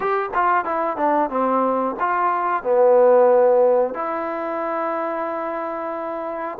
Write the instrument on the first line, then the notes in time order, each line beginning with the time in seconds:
trombone
0.00 G4
0.34 F4
0.64 E4
0.97 D4
1.30 C4
1.99 F4
2.63 B3
3.94 E4